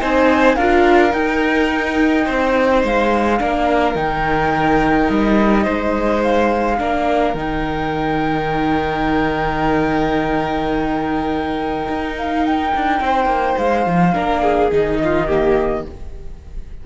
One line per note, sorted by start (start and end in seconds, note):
0.00 0.56 C4
0.00 0.57 D#4
0.00 0.55 C5
0.00 0.56 G#5
0.55 1.13 D4
0.55 1.11 F4
0.55 2.25 A#4
0.55 1.12 F5
1.11 3.37 D#4
1.11 2.26 D#4
1.11 2.82 G5
2.25 2.83 C4
2.25 3.38 C5
2.83 3.40 G#3
2.83 3.96 F5
3.38 3.95 A#3
3.38 3.95 D4
3.38 5.63 A#4
3.95 5.08 D#3
3.95 6.78 D#4
3.95 5.09 G5
5.09 5.66 G3
5.09 6.22 D#5
5.63 6.80 G#3
5.63 6.76 C5
6.23 7.34 F5
6.78 7.34 A#3
6.78 7.34 D4
6.78 13.02 A#4
7.34 11.87 D#3
7.34 14.13 D#4
7.34 12.15 G5
11.88 12.73 D#4
12.17 12.45 F5
12.45 13.58 G5
12.75 13.00 D4
13.00 13.25 C4
13.00 14.14 C5
13.25 13.54 A#3
13.58 13.86 G#3
13.58 14.71 F5
13.86 14.15 F3
14.13 14.71 A#3
14.13 14.69 D4
14.13 14.42 A#4
14.42 14.99 G#4
14.71 15.85 D#3
14.71 15.28 D#4
14.71 15.86 D#5
15.04 15.26 F4
15.26 15.85 A#3
15.26 15.83 G4